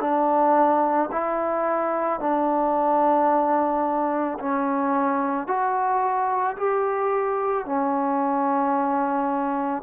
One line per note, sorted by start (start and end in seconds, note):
0.00 1.09 D4
1.11 2.20 E4
2.20 4.38 D4
4.39 5.47 C#4
5.47 6.56 F#4
6.57 7.65 G4
7.65 9.83 C#4